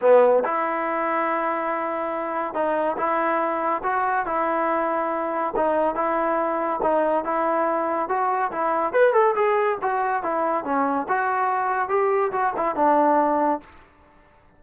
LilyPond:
\new Staff \with { instrumentName = "trombone" } { \time 4/4 \tempo 4 = 141 b4 e'2.~ | e'2 dis'4 e'4~ | e'4 fis'4 e'2~ | e'4 dis'4 e'2 |
dis'4 e'2 fis'4 | e'4 b'8 a'8 gis'4 fis'4 | e'4 cis'4 fis'2 | g'4 fis'8 e'8 d'2 | }